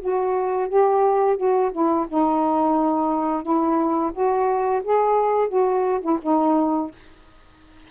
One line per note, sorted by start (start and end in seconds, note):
0.00 0.68 F#4
0.68 1.37 G4
1.37 1.71 F#4
1.72 2.06 E4
2.08 3.42 D#4
3.42 4.11 E4
4.13 4.82 F#4
4.83 5.48 G#4
5.48 6.00 F#4
6.01 6.18 E4
6.22 6.91 D#4